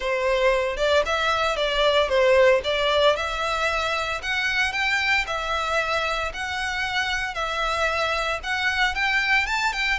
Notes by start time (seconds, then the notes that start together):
0.00 C5
0.77 D5
1.05 E5
1.56 D5
2.08 C5
2.63 D5
3.16 E5
4.22 F#5
4.72 G5
5.27 E5
6.33 F#5
7.34 E5
8.43 F#5
8.94 G5
9.46 A5
9.72 G5